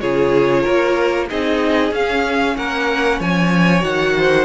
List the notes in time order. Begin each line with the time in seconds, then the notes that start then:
0.00 C#3 F4 G#4 C#5
0.62 A#3 A#4
1.29 C4 D#4 G#4 D#5
1.91 C#4 F5
2.56 A#3 A#4 F#5
3.19 F3 C#5 G#5
3.80 D#3 F#4 F#5
4.17 C5